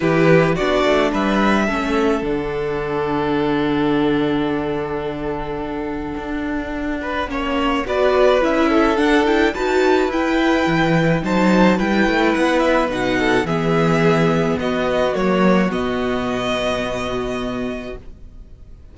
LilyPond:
<<
  \new Staff \with { instrumentName = "violin" } { \time 4/4 \tempo 4 = 107 b'4 d''4 e''2 | fis''1~ | fis''1~ | fis''2 d''4 e''4 |
fis''8 g''8 a''4 g''2 | a''4 g''4 fis''8 e''8 fis''4 | e''2 dis''4 cis''4 | dis''1 | }
  \new Staff \with { instrumentName = "violin" } { \time 4/4 g'4 fis'4 b'4 a'4~ | a'1~ | a'1~ | a'8 b'8 cis''4 b'4. a'8~ |
a'4 b'2. | c''4 b'2~ b'8 a'8 | gis'2 fis'2~ | fis'1 | }
  \new Staff \with { instrumentName = "viola" } { \time 4/4 e'4 d'2 cis'4 | d'1~ | d'1~ | d'4 cis'4 fis'4 e'4 |
d'8 e'8 fis'4 e'2 | dis'4 e'2 dis'4 | b2. ais4 | b1 | }
  \new Staff \with { instrumentName = "cello" } { \time 4/4 e4 b8 a8 g4 a4 | d1~ | d2. d'4~ | d'4 ais4 b4 cis'4 |
d'4 dis'4 e'4 e4 | fis4 g8 a8 b4 b,4 | e2 b4 fis4 | b,1 | }
>>